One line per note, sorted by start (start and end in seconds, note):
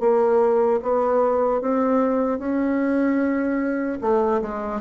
0.00 0.80 A#3
0.82 1.61 B3
1.61 2.39 C4
2.39 3.99 C#4
4.01 4.41 A3
4.41 4.81 G#3